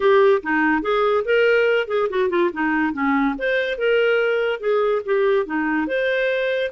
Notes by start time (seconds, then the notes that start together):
0.00 G4
0.43 D#4
0.82 G#4
1.24 A#4
1.87 G#4
2.09 F#4
2.29 F4
2.53 D#4
2.93 C#4
3.38 C5
3.78 A#4
4.59 G#4
5.05 G4
5.46 D#4
5.87 C5